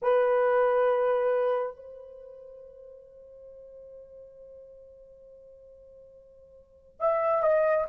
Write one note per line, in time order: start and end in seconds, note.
0.01 1.76 B4
1.76 7.00 C5
7.00 7.42 E5
7.42 7.86 D#5